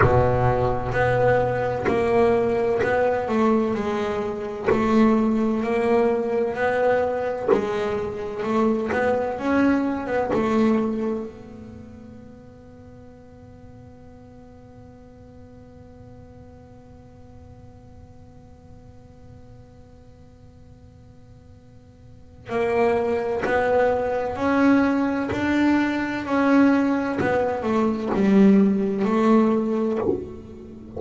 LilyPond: \new Staff \with { instrumentName = "double bass" } { \time 4/4 \tempo 4 = 64 b,4 b4 ais4 b8 a8 | gis4 a4 ais4 b4 | gis4 a8 b8 cis'8. b16 a4 | b1~ |
b1~ | b1 | ais4 b4 cis'4 d'4 | cis'4 b8 a8 g4 a4 | }